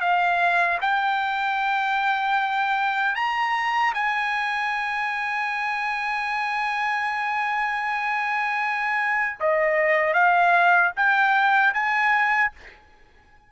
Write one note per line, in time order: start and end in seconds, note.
0.00 0.78 F5
0.81 3.15 G5
3.15 3.93 A#5
3.94 9.39 G#5
9.40 10.13 D#5
10.13 10.91 F5
10.96 11.73 G5
11.73 12.51 G#5